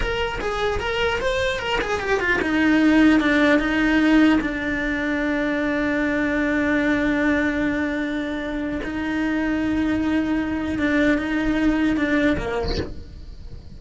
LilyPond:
\new Staff \with { instrumentName = "cello" } { \time 4/4 \tempo 4 = 150 ais'4 gis'4 ais'4 c''4 | ais'8 gis'8 g'8 f'8 dis'2 | d'4 dis'2 d'4~ | d'1~ |
d'1~ | d'2 dis'2~ | dis'2. d'4 | dis'2 d'4 ais4 | }